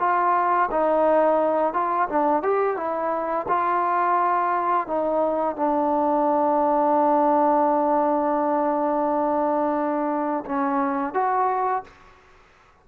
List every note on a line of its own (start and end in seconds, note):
0.00 0.70 F4
0.71 1.74 D#4
1.74 2.09 F4
2.09 2.43 D4
2.43 2.77 G4
2.77 3.47 E4
3.49 4.87 F4
4.87 5.57 D#4
5.57 10.45 D4
10.46 11.14 C#4
11.14 11.84 F#4